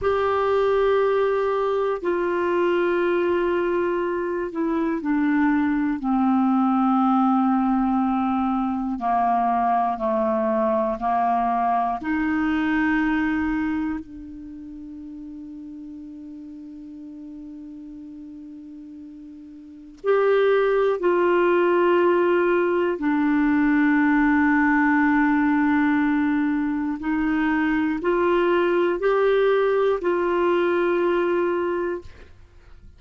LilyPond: \new Staff \with { instrumentName = "clarinet" } { \time 4/4 \tempo 4 = 60 g'2 f'2~ | f'8 e'8 d'4 c'2~ | c'4 ais4 a4 ais4 | dis'2 d'2~ |
d'1 | g'4 f'2 d'4~ | d'2. dis'4 | f'4 g'4 f'2 | }